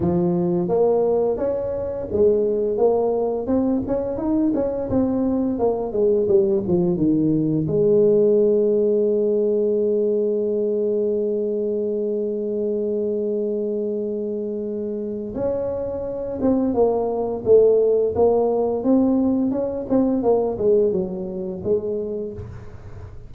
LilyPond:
\new Staff \with { instrumentName = "tuba" } { \time 4/4 \tempo 4 = 86 f4 ais4 cis'4 gis4 | ais4 c'8 cis'8 dis'8 cis'8 c'4 | ais8 gis8 g8 f8 dis4 gis4~ | gis1~ |
gis1~ | gis2 cis'4. c'8 | ais4 a4 ais4 c'4 | cis'8 c'8 ais8 gis8 fis4 gis4 | }